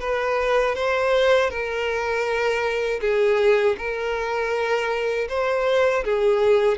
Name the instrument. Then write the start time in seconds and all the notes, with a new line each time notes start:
violin
0.00 B4
0.75 C5
1.50 A#4
3.01 G#4
3.78 A#4
5.29 C5
6.04 G#4